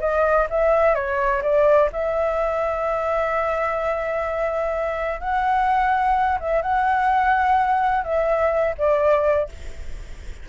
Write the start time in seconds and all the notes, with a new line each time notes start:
0.00 D#5
0.50 E5
0.94 C#5
1.42 D5
1.92 E5
5.20 F#5
6.40 E5
6.62 F#5
8.04 E5
8.78 D5